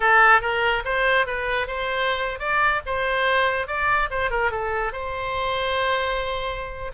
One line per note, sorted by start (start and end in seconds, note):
0.00 0.41 A4
0.41 0.83 A#4
0.84 1.26 C5
1.26 1.67 B4
1.67 2.39 C5
2.39 2.81 D5
2.86 3.67 C5
3.67 4.09 D5
4.10 4.30 C5
4.30 4.51 A#4
4.51 4.92 A4
4.92 6.91 C5